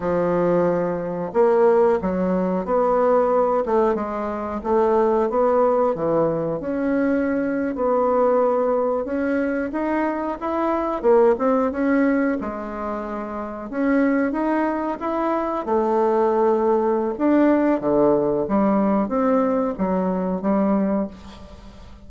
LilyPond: \new Staff \with { instrumentName = "bassoon" } { \time 4/4 \tempo 4 = 91 f2 ais4 fis4 | b4. a8 gis4 a4 | b4 e4 cis'4.~ cis'16 b16~ | b4.~ b16 cis'4 dis'4 e'16~ |
e'8. ais8 c'8 cis'4 gis4~ gis16~ | gis8. cis'4 dis'4 e'4 a16~ | a2 d'4 d4 | g4 c'4 fis4 g4 | }